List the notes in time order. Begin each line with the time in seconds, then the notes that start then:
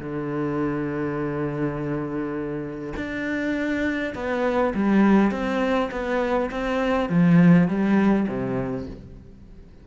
0.00 D3
2.97 D4
4.16 B3
4.75 G3
5.32 C4
5.92 B3
6.51 C4
7.10 F3
7.68 G3
8.28 C3